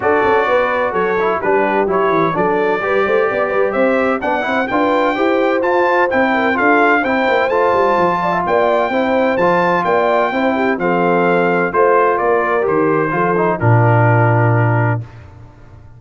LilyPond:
<<
  \new Staff \with { instrumentName = "trumpet" } { \time 4/4 \tempo 4 = 128 d''2 cis''4 b'4 | cis''4 d''2. | e''4 fis''4 g''2 | a''4 g''4 f''4 g''4 |
a''2 g''2 | a''4 g''2 f''4~ | f''4 c''4 d''4 c''4~ | c''4 ais'2. | }
  \new Staff \with { instrumentName = "horn" } { \time 4/4 a'4 b'4 a'4 g'4~ | g'4 a'4 b'8 c''8 d''8 b'8 | c''4 d''8 c''8 b'4 c''4~ | c''4. ais'8 a'4 c''4~ |
c''4. d''16 e''16 d''4 c''4~ | c''4 d''4 c''8 g'8 a'4~ | a'4 c''4 ais'2 | a'4 f'2. | }
  \new Staff \with { instrumentName = "trombone" } { \time 4/4 fis'2~ fis'8 e'8 d'4 | e'4 d'4 g'2~ | g'4 d'8 e'8 f'4 g'4 | f'4 e'4 f'4 e'4 |
f'2. e'4 | f'2 e'4 c'4~ | c'4 f'2 g'4 | f'8 dis'8 d'2. | }
  \new Staff \with { instrumentName = "tuba" } { \time 4/4 d'8 cis'8 b4 fis4 g4 | fis8 e8 fis4 g8 a8 b8 g8 | c'4 b8 c'8 d'4 e'4 | f'4 c'4 d'4 c'8 ais8 |
a8 g8 f4 ais4 c'4 | f4 ais4 c'4 f4~ | f4 a4 ais4 dis4 | f4 ais,2. | }
>>